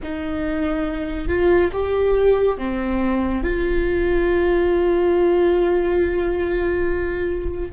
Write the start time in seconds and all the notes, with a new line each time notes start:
0.02 D#4
1.27 F4
1.72 G4
2.57 C4
3.43 F4